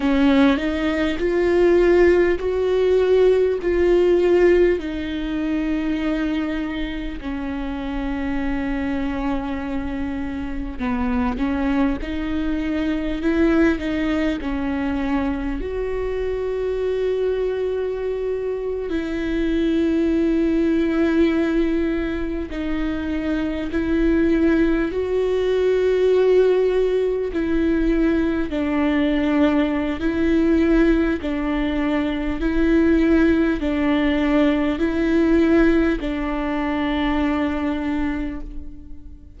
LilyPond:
\new Staff \with { instrumentName = "viola" } { \time 4/4 \tempo 4 = 50 cis'8 dis'8 f'4 fis'4 f'4 | dis'2 cis'2~ | cis'4 b8 cis'8 dis'4 e'8 dis'8 | cis'4 fis'2~ fis'8. e'16~ |
e'2~ e'8. dis'4 e'16~ | e'8. fis'2 e'4 d'16~ | d'4 e'4 d'4 e'4 | d'4 e'4 d'2 | }